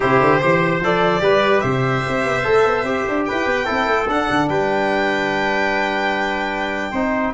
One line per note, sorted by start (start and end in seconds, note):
0.00 0.20 C3
0.00 0.40 E4
0.00 0.40 G4
0.00 0.82 C5
0.20 0.41 D3
0.40 0.80 E3
0.40 0.81 G4
0.40 1.22 C5
0.80 1.21 F3
0.80 1.19 A4
0.80 1.60 D5
1.19 1.62 G3
1.19 2.42 G4
1.19 1.63 B4
1.60 2.04 C3
1.60 3.26 C5
1.60 3.23 E5
2.08 2.25 C4
2.25 2.45 B3
2.43 2.65 A3
2.43 2.84 A4
2.65 2.83 B3
2.83 3.03 C4
2.83 3.65 G4
3.08 3.29 D4
3.25 3.46 E4
3.25 3.65 B4
3.25 4.07 G5
3.46 3.66 B3
3.65 3.85 C4
3.65 4.06 E4
3.65 4.47 A4
3.85 4.06 A3
4.07 4.27 D4
4.07 6.94 D4
4.07 4.48 F#5
4.29 4.49 D3
4.48 6.92 G3
4.48 6.91 B4
4.48 7.33 G5
6.91 7.33 C4
6.91 7.33 D#4
6.91 7.32 C5